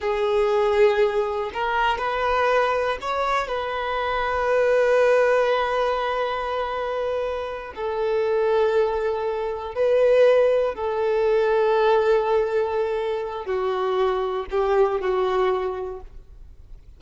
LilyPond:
\new Staff \with { instrumentName = "violin" } { \time 4/4 \tempo 4 = 120 gis'2. ais'4 | b'2 cis''4 b'4~ | b'1~ | b'2.~ b'8 a'8~ |
a'2.~ a'8 b'8~ | b'4. a'2~ a'8~ | a'2. fis'4~ | fis'4 g'4 fis'2 | }